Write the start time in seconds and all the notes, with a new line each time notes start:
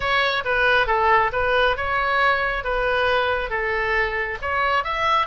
0.00 C#5
0.44 B4
0.86 A4
1.32 B4
1.76 C#5
2.64 B4
3.50 A4
4.41 C#5
4.84 E5